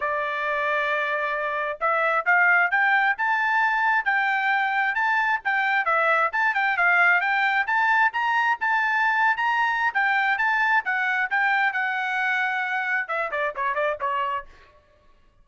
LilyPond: \new Staff \with { instrumentName = "trumpet" } { \time 4/4 \tempo 4 = 133 d''1 | e''4 f''4 g''4 a''4~ | a''4 g''2 a''4 | g''4 e''4 a''8 g''8 f''4 |
g''4 a''4 ais''4 a''4~ | a''8. ais''4~ ais''16 g''4 a''4 | fis''4 g''4 fis''2~ | fis''4 e''8 d''8 cis''8 d''8 cis''4 | }